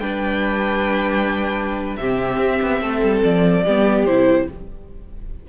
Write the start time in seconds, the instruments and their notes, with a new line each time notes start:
0.00 cello G3, viola D4, violin B4 G5
1.97 cello C3, viola C4, violin G4 E5
2.39 cello C4
2.62 cello B3
2.82 cello A3, violin A4
3.03 cello G3
3.24 cello F3, violin D5
3.64 cello G3, viola B3, violin G4
4.06 cello C3, viola E4, violin C5